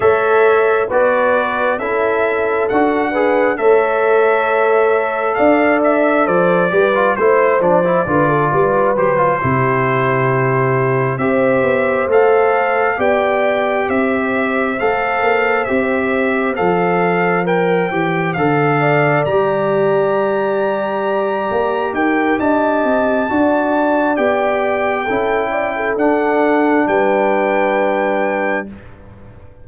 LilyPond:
<<
  \new Staff \with { instrumentName = "trumpet" } { \time 4/4 \tempo 4 = 67 e''4 d''4 e''4 fis''4 | e''2 f''8 e''8 d''4 | c''8 d''4. c''2~ | c''8 e''4 f''4 g''4 e''8~ |
e''8 f''4 e''4 f''4 g''8~ | g''8 f''4 ais''2~ ais''8~ | ais''8 g''8 a''2 g''4~ | g''4 fis''4 g''2 | }
  \new Staff \with { instrumentName = "horn" } { \time 4/4 cis''4 b'4 a'4. b'8 | cis''2 d''4 c''8 b'8 | c''4 b'16 a'16 b'4 g'4.~ | g'8 c''2 d''4 c''8~ |
c''1~ | c''4 d''2.~ | d''8 ais'8 dis''4 d''2 | a'8 d''16 a'4~ a'16 b'2 | }
  \new Staff \with { instrumentName = "trombone" } { \time 4/4 a'4 fis'4 e'4 fis'8 gis'8 | a'2.~ a'8 g'16 f'16 | e'8 d'16 e'16 f'4 g'16 f'16 e'4.~ | e'8 g'4 a'4 g'4.~ |
g'8 a'4 g'4 a'4 ais'8 | g'8 a'4 g'2~ g'8~ | g'2 fis'4 g'4 | e'4 d'2. | }
  \new Staff \with { instrumentName = "tuba" } { \time 4/4 a4 b4 cis'4 d'4 | a2 d'4 f8 g8 | a8 f8 d8 g8 fis8 c4.~ | c8 c'8 b8 a4 b4 c'8~ |
c'8 a8 ais8 c'4 f4. | e8 d4 g2~ g8 | ais8 dis'8 d'8 c'8 d'4 b4 | cis'4 d'4 g2 | }
>>